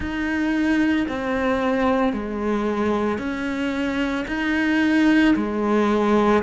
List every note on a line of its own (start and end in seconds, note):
0.00 1.06 D#4
1.08 2.12 C4
2.12 3.18 G#3
3.18 4.25 C#4
4.27 5.34 D#4
5.36 6.43 G#3